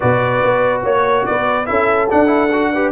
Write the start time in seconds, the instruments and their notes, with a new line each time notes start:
0.00 tuba B2, trombone F#4, horn B4, trumpet D5
0.43 tuba B3
0.83 tuba A#3, horn C#5, trumpet C#5
1.25 tuba B3, horn B4, trumpet D5
1.66 tuba C#4, trombone E4, horn A4, trumpet E5
2.10 trombone D4, tuba D4, trumpet F#5
2.26 trombone E4
2.52 trombone F#4
2.73 trombone G4, horn B4